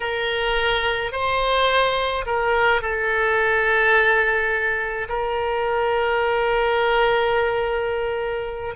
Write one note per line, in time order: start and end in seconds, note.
0.00 1.12 A#4
1.12 2.25 C5
2.26 2.81 A#4
2.81 5.08 A4
5.08 8.75 A#4